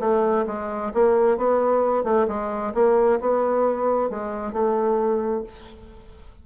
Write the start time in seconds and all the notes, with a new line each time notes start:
0.00 A3
0.47 G#3
0.94 A#3
1.38 B3
2.04 A3
2.28 G#3
2.74 A#3
3.20 B3
4.10 G#3
4.53 A3